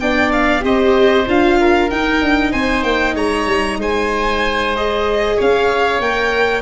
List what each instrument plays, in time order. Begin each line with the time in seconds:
0.00 tuba B3, viola D4, oboe D5, violin G5
0.32 violin F5
0.61 tuba C4, viola G4, oboe C5, violin D#5
1.27 tuba D4, viola F4, violin F5
1.60 oboe A#4
1.90 tuba D#4, viola D#4, violin G5
2.21 tuba D4
2.52 tuba C4, oboe C5, violin G#5
2.83 tuba A#3, violin G5
3.15 tuba G#3, oboe C#5, violin A#5
3.46 tuba G3
3.78 tuba G#3, oboe C5, violin G#5
4.76 viola G#4, violin D#5
5.36 tuba C#4, oboe C#5, violin F5
6.00 tuba A#3, viola A#4, violin G5